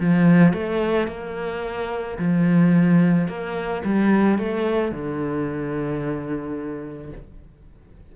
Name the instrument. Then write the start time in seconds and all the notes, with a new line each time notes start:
cello
0.00 F3
0.53 A3
1.07 A#3
2.18 F3
3.28 A#3
3.85 G3
4.38 A3
4.92 D3